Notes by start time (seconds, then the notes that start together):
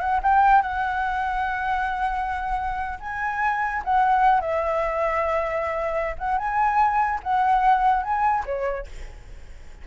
0.00 F#5
0.23 G5
0.62 F#5
3.00 G#5
3.85 F#5
4.41 E5
6.19 F#5
6.38 G#5
7.23 F#5
8.03 G#5
8.46 C#5